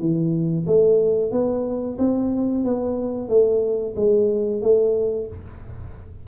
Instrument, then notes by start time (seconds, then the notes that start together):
tuba
0.00 E3
0.67 A3
1.32 B3
1.98 C4
2.64 B3
3.29 A3
3.96 G#3
4.62 A3